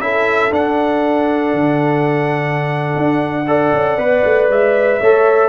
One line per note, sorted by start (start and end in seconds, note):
0.00 0.51 C#4
0.00 0.51 E4
0.00 3.48 A4
0.00 0.52 E5
0.51 3.46 D4
0.51 1.54 D4
0.51 4.51 F#5
1.54 2.95 D3
2.96 3.73 D4
3.47 3.98 A4
3.47 5.01 D5
3.73 3.98 C#4
3.98 4.23 B3
3.98 5.01 B4
4.24 4.49 A3
4.49 5.00 G#3
4.49 5.49 E5
5.01 5.49 A3
5.01 5.49 A4
5.01 5.49 C#5